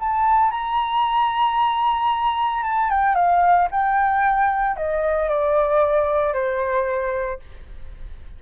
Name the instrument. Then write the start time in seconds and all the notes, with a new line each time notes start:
flute
0.00 A5
0.51 A#5
2.63 A5
2.90 G5
3.15 F5
3.71 G5
4.77 D#5
5.29 D5
6.34 C5